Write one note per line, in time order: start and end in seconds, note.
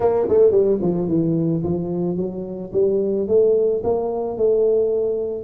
0.00 0.27 A#3
0.29 0.51 A3
0.51 0.78 G3
0.81 1.08 F3
1.08 1.62 E3
1.63 2.17 F3
2.17 2.71 F#3
2.72 3.27 G3
3.27 3.82 A3
3.83 4.37 A#3
4.37 5.43 A3